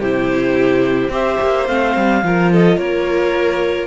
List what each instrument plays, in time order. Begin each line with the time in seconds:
0.00 cello C3, viola E4, violin G4, clarinet C5
1.08 cello C4, viola G4, violin C5, clarinet E5
1.41 cello A#3
1.66 cello A3, viola C4, clarinet F5
1.96 cello G3
2.22 cello F3, viola F4, violin A#4
2.52 violin A4, clarinet D#5
2.77 cello A#3, violin A#4, clarinet C#5